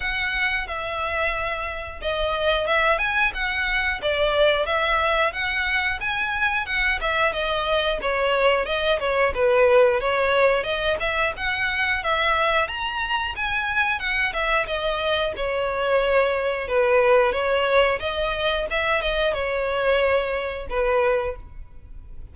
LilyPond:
\new Staff \with { instrumentName = "violin" } { \time 4/4 \tempo 4 = 90 fis''4 e''2 dis''4 | e''8 gis''8 fis''4 d''4 e''4 | fis''4 gis''4 fis''8 e''8 dis''4 | cis''4 dis''8 cis''8 b'4 cis''4 |
dis''8 e''8 fis''4 e''4 ais''4 | gis''4 fis''8 e''8 dis''4 cis''4~ | cis''4 b'4 cis''4 dis''4 | e''8 dis''8 cis''2 b'4 | }